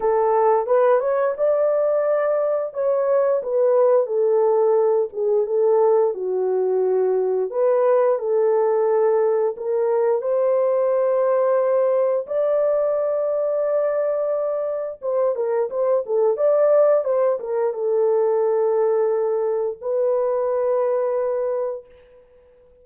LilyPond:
\new Staff \with { instrumentName = "horn" } { \time 4/4 \tempo 4 = 88 a'4 b'8 cis''8 d''2 | cis''4 b'4 a'4. gis'8 | a'4 fis'2 b'4 | a'2 ais'4 c''4~ |
c''2 d''2~ | d''2 c''8 ais'8 c''8 a'8 | d''4 c''8 ais'8 a'2~ | a'4 b'2. | }